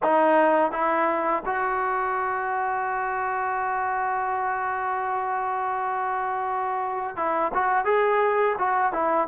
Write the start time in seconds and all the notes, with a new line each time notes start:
0.02 D#4
0.71 E4
1.45 F#4
7.16 E4
7.54 F#4
7.84 G#4
8.58 F#4
8.93 E4